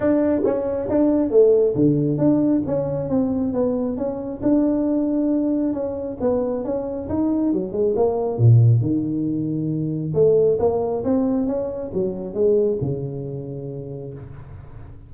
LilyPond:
\new Staff \with { instrumentName = "tuba" } { \time 4/4 \tempo 4 = 136 d'4 cis'4 d'4 a4 | d4 d'4 cis'4 c'4 | b4 cis'4 d'2~ | d'4 cis'4 b4 cis'4 |
dis'4 fis8 gis8 ais4 ais,4 | dis2. a4 | ais4 c'4 cis'4 fis4 | gis4 cis2. | }